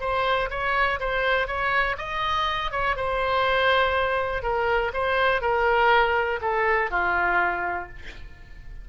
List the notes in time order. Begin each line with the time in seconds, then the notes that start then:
0.00 C5
0.50 C#5
1.00 C5
1.47 C#5
1.98 D#5
2.71 C#5
2.96 C5
4.42 A#4
4.93 C5
5.41 A#4
6.41 A4
6.90 F4